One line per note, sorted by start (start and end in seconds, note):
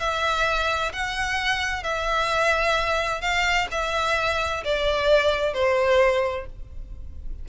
0.00 0.92 E5
0.93 1.84 F#5
1.84 3.21 E5
3.21 3.68 F5
3.72 4.64 E5
4.65 5.54 D5
5.54 6.46 C5